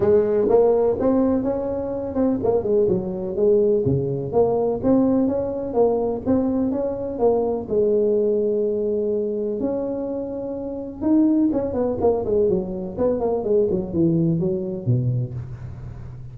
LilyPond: \new Staff \with { instrumentName = "tuba" } { \time 4/4 \tempo 4 = 125 gis4 ais4 c'4 cis'4~ | cis'8 c'8 ais8 gis8 fis4 gis4 | cis4 ais4 c'4 cis'4 | ais4 c'4 cis'4 ais4 |
gis1 | cis'2. dis'4 | cis'8 b8 ais8 gis8 fis4 b8 ais8 | gis8 fis8 e4 fis4 b,4 | }